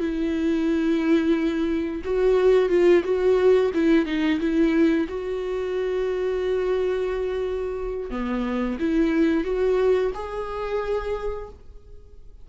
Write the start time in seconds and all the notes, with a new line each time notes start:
0.00 E4
2.05 F#4
2.70 F4
3.04 F#4
3.74 E4
4.06 D#4
4.40 E4
5.09 F#4
8.11 B3
8.80 E4
9.44 F#4
10.15 G#4